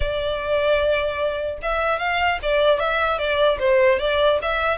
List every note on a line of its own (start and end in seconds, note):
0.00 1.58 D5
1.62 1.98 E5
1.98 2.38 F5
2.42 2.79 D5
2.79 3.18 E5
3.18 3.58 D5
3.59 3.99 C5
3.99 4.39 D5
4.42 4.77 E5